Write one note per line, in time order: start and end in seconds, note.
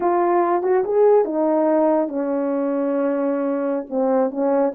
0.00 0.62 F4
0.62 0.83 F#4
0.84 1.24 G#4
1.24 2.08 D#4
2.08 3.86 C#4
3.89 4.31 C4
4.31 4.73 C#4